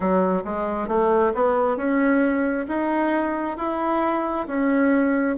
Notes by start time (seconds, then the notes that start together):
0.00 F#3
0.44 G#3
0.88 A3
1.34 B3
1.76 C#4
2.68 D#4
3.57 E4
4.47 C#4